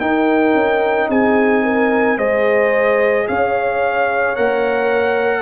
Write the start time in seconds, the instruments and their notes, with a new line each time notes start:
0.00 tuba D#4, trombone D#4, horn A#4, trumpet G5
0.54 tuba C#4
1.10 tuba C4, horn G#4, trumpet G#5
1.64 horn A#4
2.17 tuba G#3, trombone G#4, horn C5, trumpet D#5
3.28 tuba C#4, horn C#5, trumpet F5
4.36 tuba A#3, trombone A#4, trumpet F#5